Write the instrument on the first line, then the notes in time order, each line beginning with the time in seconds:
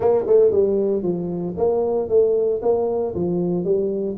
tuba
0.00 A#3
0.26 A3
0.51 G3
1.02 F3
1.57 A#3
2.08 A3
2.62 A#3
3.14 F3
3.64 G3